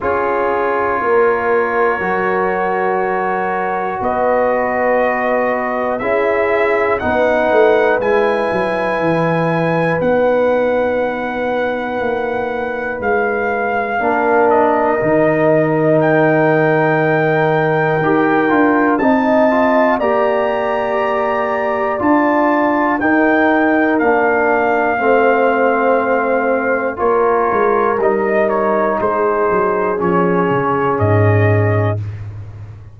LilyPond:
<<
  \new Staff \with { instrumentName = "trumpet" } { \time 4/4 \tempo 4 = 60 cis''1 | dis''2 e''4 fis''4 | gis''2 fis''2~ | fis''4 f''4. dis''4. |
g''2. a''4 | ais''2 a''4 g''4 | f''2. cis''4 | dis''8 cis''8 c''4 cis''4 dis''4 | }
  \new Staff \with { instrumentName = "horn" } { \time 4/4 gis'4 ais'2. | b'2 gis'4 b'4~ | b'1~ | b'2 ais'2~ |
ais'2. dis''4 | d''2. ais'4~ | ais'4 c''2 ais'4~ | ais'4 gis'2. | }
  \new Staff \with { instrumentName = "trombone" } { \time 4/4 f'2 fis'2~ | fis'2 e'4 dis'4 | e'2 dis'2~ | dis'2 d'4 dis'4~ |
dis'2 g'8 f'8 dis'8 f'8 | g'2 f'4 dis'4 | d'4 c'2 f'4 | dis'2 cis'2 | }
  \new Staff \with { instrumentName = "tuba" } { \time 4/4 cis'4 ais4 fis2 | b2 cis'4 b8 a8 | gis8 fis8 e4 b2 | ais4 gis4 ais4 dis4~ |
dis2 dis'8 d'8 c'4 | ais2 d'4 dis'4 | ais4 a2 ais8 gis8 | g4 gis8 fis8 f8 cis8 gis,4 | }
>>